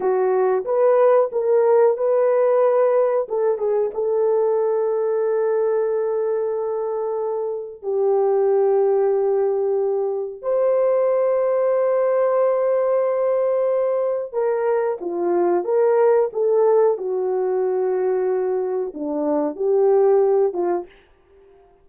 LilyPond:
\new Staff \with { instrumentName = "horn" } { \time 4/4 \tempo 4 = 92 fis'4 b'4 ais'4 b'4~ | b'4 a'8 gis'8 a'2~ | a'1 | g'1 |
c''1~ | c''2 ais'4 f'4 | ais'4 a'4 fis'2~ | fis'4 d'4 g'4. f'8 | }